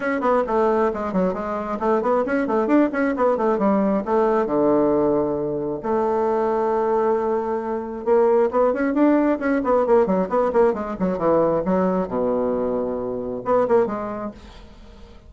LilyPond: \new Staff \with { instrumentName = "bassoon" } { \time 4/4 \tempo 4 = 134 cis'8 b8 a4 gis8 fis8 gis4 | a8 b8 cis'8 a8 d'8 cis'8 b8 a8 | g4 a4 d2~ | d4 a2.~ |
a2 ais4 b8 cis'8 | d'4 cis'8 b8 ais8 fis8 b8 ais8 | gis8 fis8 e4 fis4 b,4~ | b,2 b8 ais8 gis4 | }